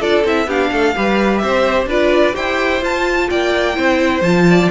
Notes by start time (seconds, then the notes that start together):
0.00 D4 F4 A4 D5
0.24 C4 E4 E5
0.47 B3 D4 G4 F5
0.72 A3 A4
0.96 G3 G4 B4
1.38 C4 C5 E5
1.87 D4 F4 B4 D5
2.33 E4 G4 C5 G5
2.82 F4 A5
3.30 A#3 D5 G5
3.75 C4 E4 C5
4.21 F3 F4 A5
4.50 D5